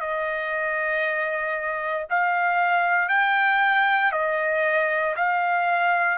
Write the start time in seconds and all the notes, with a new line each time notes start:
0.00 D#5
2.09 F5
3.08 G5
4.11 D#5
5.16 F5